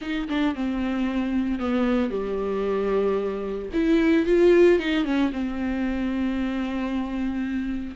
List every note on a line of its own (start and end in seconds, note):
0.01 0.28 D#4
0.28 0.55 D4
0.55 1.59 C4
1.59 2.10 B3
2.10 3.69 G3
3.73 4.26 E4
4.26 4.79 F4
4.79 5.04 D#4
5.04 5.31 C#4
5.32 7.95 C4